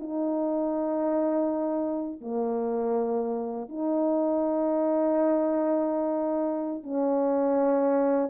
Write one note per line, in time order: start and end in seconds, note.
0.00 2.21 D#4
2.21 3.69 A#3
3.69 6.84 D#4
6.84 8.30 C#4